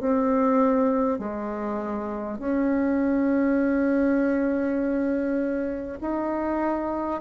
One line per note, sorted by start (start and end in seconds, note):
0.00 1.18 C4
1.18 2.38 G#3
2.38 5.98 C#4
6.01 7.21 D#4